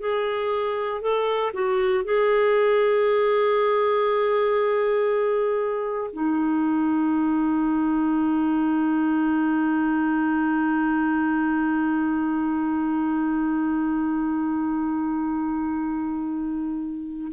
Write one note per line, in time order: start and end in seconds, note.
0.00 1.02 G#4
1.02 1.53 A4
1.54 2.04 F#4
2.04 6.11 G#4
6.13 17.32 D#4